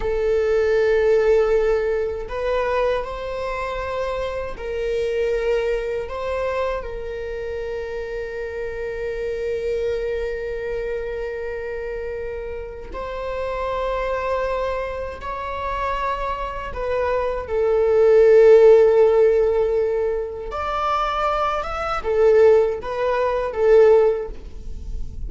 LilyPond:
\new Staff \with { instrumentName = "viola" } { \time 4/4 \tempo 4 = 79 a'2. b'4 | c''2 ais'2 | c''4 ais'2.~ | ais'1~ |
ais'4 c''2. | cis''2 b'4 a'4~ | a'2. d''4~ | d''8 e''8 a'4 b'4 a'4 | }